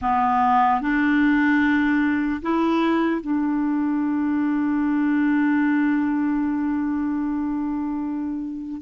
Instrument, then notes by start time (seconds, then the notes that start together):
clarinet
0.01 B3
0.81 D4
2.41 E4
3.21 D4